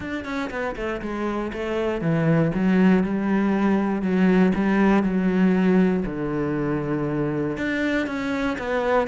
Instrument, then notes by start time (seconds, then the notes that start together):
cello
0.00 D4
0.25 C#4
0.50 B3
0.76 A3
1.01 G#3
1.52 A3
2.01 E3
2.54 F#3
3.03 G3
4.02 F#3
4.54 G3
5.03 F#3
6.05 D3
7.57 D4
8.06 C#4
8.58 B3